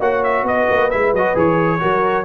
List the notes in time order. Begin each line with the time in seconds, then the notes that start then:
0.00 A#3 F#4 C#5 F#5
0.24 E5
0.43 B3 B4 D#5
0.70 A#3
0.90 G#3 E4 E5
1.12 F#3 F#4 D#5
1.34 E3 G#4 C#5
1.80 F#3 F#4 A#4